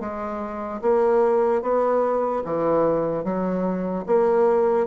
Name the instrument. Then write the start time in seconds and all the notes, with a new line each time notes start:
bassoon
0.00 G#3
0.81 A#3
1.62 B3
2.44 E3
3.24 F#3
4.07 A#3